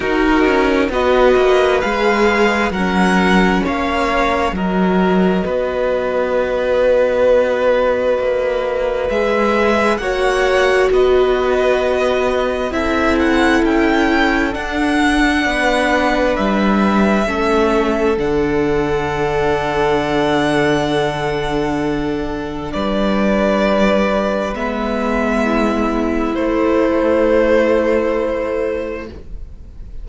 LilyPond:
<<
  \new Staff \with { instrumentName = "violin" } { \time 4/4 \tempo 4 = 66 ais'4 dis''4 f''4 fis''4 | f''4 dis''2.~ | dis''2 e''4 fis''4 | dis''2 e''8 fis''8 g''4 |
fis''2 e''2 | fis''1~ | fis''4 d''2 e''4~ | e''4 c''2. | }
  \new Staff \with { instrumentName = "violin" } { \time 4/4 fis'4 b'2 ais'4 | cis''4 ais'4 b'2~ | b'2. cis''4 | b'2 a'2~ |
a'4 b'2 a'4~ | a'1~ | a'4 b'2. | e'1 | }
  \new Staff \with { instrumentName = "viola" } { \time 4/4 dis'4 fis'4 gis'4 cis'4~ | cis'4 fis'2.~ | fis'2 gis'4 fis'4~ | fis'2 e'2 |
d'2. cis'4 | d'1~ | d'2. b4~ | b4 a2. | }
  \new Staff \with { instrumentName = "cello" } { \time 4/4 dis'8 cis'8 b8 ais8 gis4 fis4 | ais4 fis4 b2~ | b4 ais4 gis4 ais4 | b2 c'4 cis'4 |
d'4 b4 g4 a4 | d1~ | d4 g2 gis4~ | gis4 a2. | }
>>